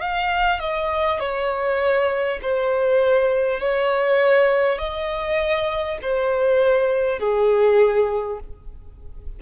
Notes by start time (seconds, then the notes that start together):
0.00 F5
0.59 D#5
1.19 C#5
2.42 C5
3.60 C#5
4.78 D#5
6.02 C5
7.19 G#4